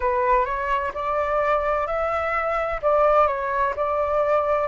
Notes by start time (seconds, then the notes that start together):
0.00 B4
0.45 C#5
0.94 D5
1.86 E5
2.81 D5
3.27 C#5
3.76 D5